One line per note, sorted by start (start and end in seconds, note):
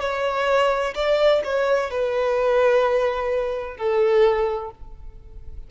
0.00 0.94 C#5
0.95 1.42 D5
1.44 1.90 C#5
1.90 3.77 B4
3.77 4.71 A4